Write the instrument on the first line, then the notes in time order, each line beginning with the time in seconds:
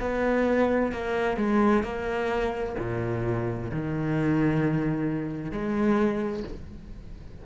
cello
0.00 B3
0.92 A#3
1.37 G#3
1.83 A#3
2.79 A#2
3.71 D#3
5.51 G#3